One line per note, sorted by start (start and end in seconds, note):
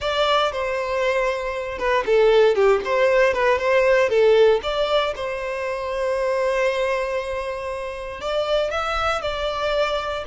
0.00 0.52 D5
0.52 1.78 C5
1.78 2.04 B4
2.06 2.55 A4
2.55 2.80 G4
2.84 3.33 C5
3.33 3.58 B4
3.58 4.09 C5
4.09 4.60 A4
4.62 5.14 D5
5.15 8.21 C5
8.21 8.70 D5
8.70 9.21 E5
9.21 10.24 D5